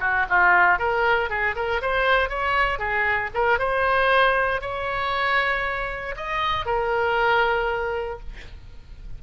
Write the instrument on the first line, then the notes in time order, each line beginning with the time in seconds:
oboe
0.00 F#4
0.29 F4
0.79 A#4
1.29 G#4
1.55 A#4
1.82 C5
2.29 C#5
2.79 G#4
3.34 A#4
3.59 C5
4.61 C#5
6.16 D#5
6.65 A#4